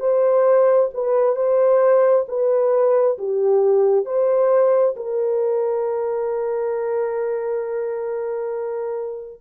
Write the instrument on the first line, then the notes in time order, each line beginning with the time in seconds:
horn
0.00 C5
0.94 B4
1.36 C5
2.28 B4
3.18 G4
4.05 C5
4.97 A#4